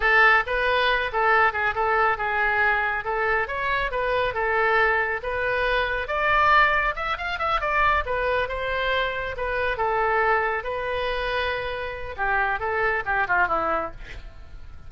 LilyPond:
\new Staff \with { instrumentName = "oboe" } { \time 4/4 \tempo 4 = 138 a'4 b'4. a'4 gis'8 | a'4 gis'2 a'4 | cis''4 b'4 a'2 | b'2 d''2 |
e''8 f''8 e''8 d''4 b'4 c''8~ | c''4. b'4 a'4.~ | a'8 b'2.~ b'8 | g'4 a'4 g'8 f'8 e'4 | }